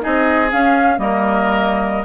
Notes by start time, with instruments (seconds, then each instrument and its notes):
0.00 bassoon C4, clarinet D#4, oboe G#4, flute D#5
0.51 clarinet C#4, bassoon C#4, flute F5
0.97 bassoon G3, clarinet A#3, oboe A#4, flute D#5